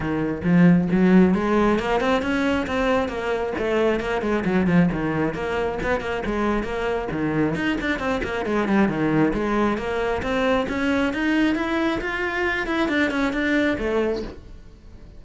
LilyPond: \new Staff \with { instrumentName = "cello" } { \time 4/4 \tempo 4 = 135 dis4 f4 fis4 gis4 | ais8 c'8 cis'4 c'4 ais4 | a4 ais8 gis8 fis8 f8 dis4 | ais4 b8 ais8 gis4 ais4 |
dis4 dis'8 d'8 c'8 ais8 gis8 g8 | dis4 gis4 ais4 c'4 | cis'4 dis'4 e'4 f'4~ | f'8 e'8 d'8 cis'8 d'4 a4 | }